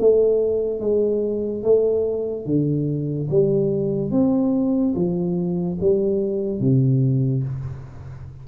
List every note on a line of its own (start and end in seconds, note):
0.00 0.80 A3
0.80 1.64 G#3
1.64 2.46 A3
2.46 3.29 D3
3.31 4.12 G3
4.12 4.95 C4
4.95 5.79 F3
5.81 6.61 G3
6.61 7.44 C3